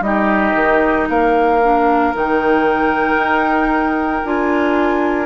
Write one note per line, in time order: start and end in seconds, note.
0.00 0.53 G3
0.00 1.60 D#4
0.00 1.09 G4
0.00 1.08 D#5
0.55 1.08 D#3
1.09 2.14 A#3
1.09 5.26 A#4
1.09 2.15 F5
1.63 2.14 D4
2.14 3.16 D#3
2.14 4.24 D#4
2.14 4.26 G5
3.16 4.21 D#4
4.25 5.26 D4
4.25 5.26 F4
4.25 5.26 G#5